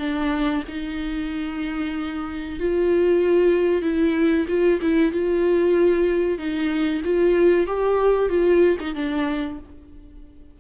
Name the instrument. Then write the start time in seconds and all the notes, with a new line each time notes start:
viola
0.00 D4
0.69 D#4
2.60 F4
3.83 E4
4.49 F4
4.82 E4
5.13 F4
6.39 D#4
7.05 F4
7.67 G4
8.30 F4
8.81 D#4
8.95 D4